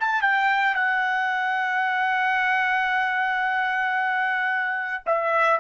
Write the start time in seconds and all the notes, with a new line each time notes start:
0.00 A5
0.21 G5
0.75 F#5
5.06 E5